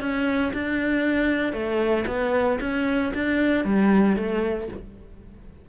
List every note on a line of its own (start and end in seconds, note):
0.00 0.52 C#4
0.53 1.53 D4
1.53 2.05 A3
2.07 2.59 B3
2.60 3.12 C#4
3.14 3.65 D4
3.65 4.16 G3
4.16 4.68 A3